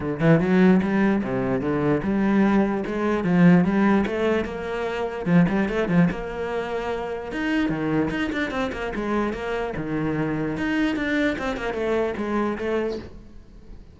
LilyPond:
\new Staff \with { instrumentName = "cello" } { \time 4/4 \tempo 4 = 148 d8 e8 fis4 g4 c4 | d4 g2 gis4 | f4 g4 a4 ais4~ | ais4 f8 g8 a8 f8 ais4~ |
ais2 dis'4 dis4 | dis'8 d'8 c'8 ais8 gis4 ais4 | dis2 dis'4 d'4 | c'8 ais8 a4 gis4 a4 | }